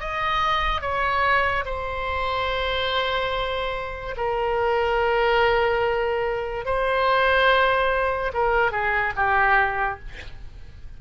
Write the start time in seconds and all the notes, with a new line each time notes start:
0.00 D#5
0.81 C#5
1.65 C5
4.16 A#4
6.65 C5
8.33 A#4
8.72 G#4
9.16 G4